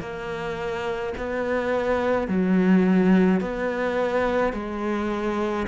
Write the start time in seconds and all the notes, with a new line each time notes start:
0.00 A#3
1.17 B3
2.28 F#3
3.41 B3
4.53 G#3